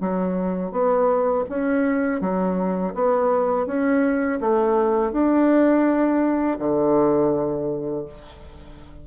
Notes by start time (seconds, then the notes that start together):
0.00 F#3
0.71 B3
1.49 C#4
2.20 F#3
2.94 B3
3.66 C#4
4.40 A3
5.12 D4
6.59 D3